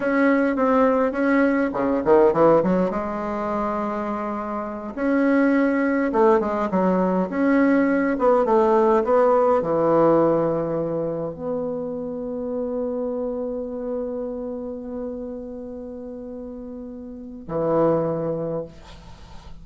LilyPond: \new Staff \with { instrumentName = "bassoon" } { \time 4/4 \tempo 4 = 103 cis'4 c'4 cis'4 cis8 dis8 | e8 fis8 gis2.~ | gis8 cis'2 a8 gis8 fis8~ | fis8 cis'4. b8 a4 b8~ |
b8 e2. b8~ | b1~ | b1~ | b2 e2 | }